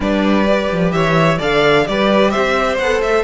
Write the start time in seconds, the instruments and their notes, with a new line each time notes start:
0.00 cello G3, viola D4, violin B4 D5
0.48 viola G4
0.71 cello F3
0.91 cello E3, violin C#5 E5
1.38 cello D3, viola A4, violin D5 F5
1.86 cello G3, viola G4, violin B4 D5
2.30 cello C4, violin C5 E5
2.77 cello B3, viola A4, violin F#5
3.01 cello A3, violin E5